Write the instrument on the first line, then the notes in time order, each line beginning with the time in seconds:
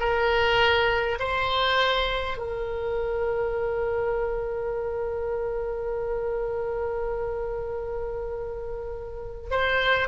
oboe
0.00 A#4
1.20 C5
2.38 A#4
9.51 C5